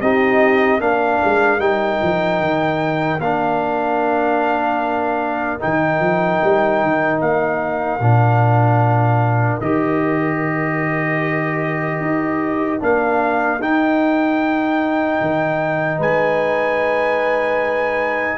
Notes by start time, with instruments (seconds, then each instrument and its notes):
0.00 tuba C4, trombone D#4, horn G4, trumpet D#5
0.80 tuba A#3, trombone D4, horn A#4, trumpet F5
1.24 tuba G#3
1.59 tuba G3, trombone D#4, trumpet G5
2.02 tuba F3
2.39 tuba D#3
3.19 tuba A#3, trombone D4, trumpet F5
5.59 tuba D#3, trombone D#4, trumpet G5
6.00 tuba F3
6.43 tuba G3
6.82 tuba D#3
7.21 tuba A#3, trumpet F5
7.99 tuba A#2, trombone D4
9.60 tuba D#3, trombone G4, trumpet D#5
12.00 tuba D#4
12.80 tuba A#3, trombone D4, trumpet F5
13.59 tuba D#4, trombone D#4, trumpet G5
15.21 tuba D#3
15.98 tuba G#3, horn B4, trumpet G#5